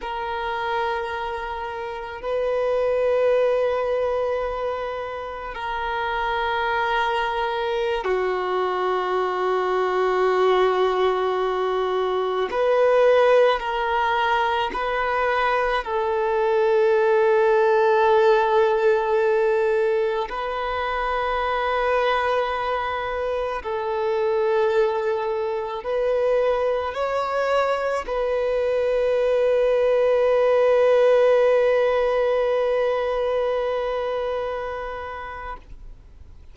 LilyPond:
\new Staff \with { instrumentName = "violin" } { \time 4/4 \tempo 4 = 54 ais'2 b'2~ | b'4 ais'2~ ais'16 fis'8.~ | fis'2.~ fis'16 b'8.~ | b'16 ais'4 b'4 a'4.~ a'16~ |
a'2~ a'16 b'4.~ b'16~ | b'4~ b'16 a'2 b'8.~ | b'16 cis''4 b'2~ b'8.~ | b'1 | }